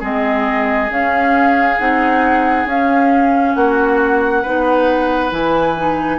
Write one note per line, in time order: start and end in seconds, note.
0.00 0.90 G#3
0.00 0.89 C4
0.00 3.53 G#4
0.00 0.91 D#5
0.90 1.78 C#4
0.90 1.79 C#4
0.90 1.79 F5
1.79 2.66 C4
1.79 2.67 D#4
1.79 2.67 F#5
2.66 3.54 C#4
2.66 4.46 C#4
2.66 3.55 F5
3.55 4.44 A#3
3.55 4.42 F#4
3.55 5.31 F#5
4.42 5.32 B3
4.42 5.31 D#4
4.42 6.19 B4
5.31 6.19 E3
5.31 5.75 E4
5.31 6.19 G#5
5.77 6.19 D#4